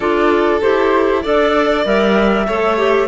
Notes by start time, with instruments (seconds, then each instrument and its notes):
0.00 cello D4, clarinet F4, violin A4, flute D5
0.61 cello E4, clarinet G4, flute C5
1.22 cello D4, clarinet A4, violin D5, flute D5
1.84 cello G3, clarinet A#4, flute E5
2.46 cello A3, clarinet A4, violin C#5
2.77 clarinet G4